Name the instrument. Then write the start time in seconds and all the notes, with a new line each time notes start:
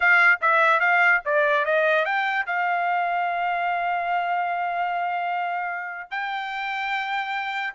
trumpet
0.00 F5
0.41 E5
0.80 F5
1.25 D5
1.65 D#5
2.05 G5
2.45 F5
6.10 G5